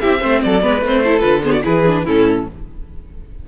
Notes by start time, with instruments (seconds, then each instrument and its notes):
0.00 cello C4, viola E4, violin G4 E5
0.18 cello A3, viola C4, violin C5
0.42 cello F#3, violin A4 D5
0.62 cello G#3, viola B3, violin B4
0.81 cello A3, viola C4, violin C5
1.04 viola E4, violin A4
1.19 cello D3, viola F4, violin B4
1.43 viola B3, violin G#4 C5
1.52 violin F#4 D5
1.63 cello E3, viola E4, violin G#4 B4
1.86 viola D4
2.04 cello A2, viola C#4, violin E4 A4